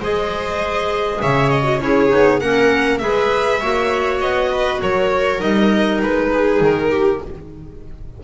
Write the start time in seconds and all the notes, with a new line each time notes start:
0.00 G#3 G#4 C5 D#5
1.22 C#3 C#5 E5
1.50 D#5
1.64 F#4
1.80 C#4 E4 G#4 C#5
2.09 B3 D#4
2.40 A#3 C#4 A#4 F#5
2.98 G#3 G#4 B4 E5
3.60 A#3 F#4 C#5
4.21 B3 D#5
4.51 B4
4.80 F#3 A#4 C#5
5.39 G3 D#4 D#5
6.02 G#3 B4
6.33 G#4
6.61 D#3 A#4
6.91 G4